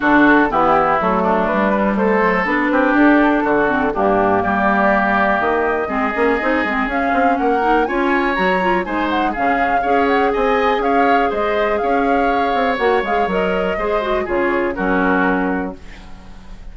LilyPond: <<
  \new Staff \with { instrumentName = "flute" } { \time 4/4 \tempo 4 = 122 a'4 g'4 a'4 b'4 | c''4 b'4 a'2 | g'4 d''2 dis''4~ | dis''2 f''4 fis''4 |
gis''4 ais''4 gis''8 fis''8 f''4~ | f''8 fis''8 gis''4 f''4 dis''4 | f''2 fis''8 f''8 dis''4~ | dis''4 cis''4 ais'2 | }
  \new Staff \with { instrumentName = "oboe" } { \time 4/4 fis'4 e'4. d'4. | a'4. g'4. fis'4 | d'4 g'2. | gis'2. ais'4 |
cis''2 c''4 gis'4 | cis''4 dis''4 cis''4 c''4 | cis''1 | c''4 gis'4 fis'2 | }
  \new Staff \with { instrumentName = "clarinet" } { \time 4/4 d'4 b4 a4. g8~ | g8 fis8 d'2~ d'8 c'8 | ais1 | c'8 cis'8 dis'8 c'8 cis'4. dis'8 |
f'4 fis'8 f'8 dis'4 cis'4 | gis'1~ | gis'2 fis'8 gis'8 ais'4 | gis'8 fis'8 f'4 cis'2 | }
  \new Staff \with { instrumentName = "bassoon" } { \time 4/4 d4 e4 fis4 g4 | a4 b8 c'8 d'4 d4 | g,4 g2 dis4 | gis8 ais8 c'8 gis8 cis'8 c'8 ais4 |
cis'4 fis4 gis4 cis4 | cis'4 c'4 cis'4 gis4 | cis'4. c'8 ais8 gis8 fis4 | gis4 cis4 fis2 | }
>>